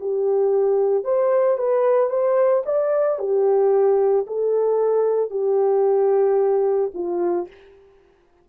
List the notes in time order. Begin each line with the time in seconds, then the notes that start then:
0.00 G4
1.04 C5
1.58 B4
2.10 C5
2.65 D5
3.19 G4
4.27 A4
5.30 G4
6.94 F4